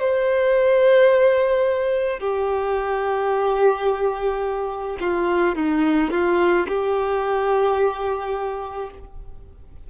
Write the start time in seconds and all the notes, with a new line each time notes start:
0.00 C5
2.19 G4
5.00 F4
5.56 D#4
6.11 F4
6.68 G4